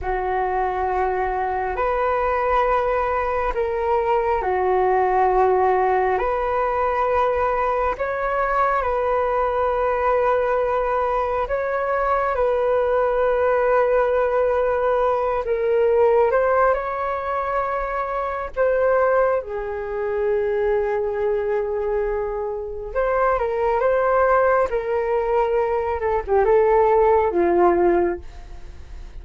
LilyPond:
\new Staff \with { instrumentName = "flute" } { \time 4/4 \tempo 4 = 68 fis'2 b'2 | ais'4 fis'2 b'4~ | b'4 cis''4 b'2~ | b'4 cis''4 b'2~ |
b'4. ais'4 c''8 cis''4~ | cis''4 c''4 gis'2~ | gis'2 c''8 ais'8 c''4 | ais'4. a'16 g'16 a'4 f'4 | }